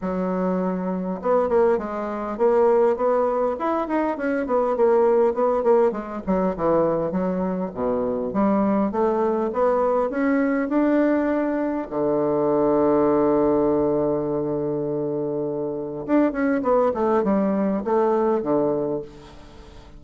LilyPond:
\new Staff \with { instrumentName = "bassoon" } { \time 4/4 \tempo 4 = 101 fis2 b8 ais8 gis4 | ais4 b4 e'8 dis'8 cis'8 b8 | ais4 b8 ais8 gis8 fis8 e4 | fis4 b,4 g4 a4 |
b4 cis'4 d'2 | d1~ | d2. d'8 cis'8 | b8 a8 g4 a4 d4 | }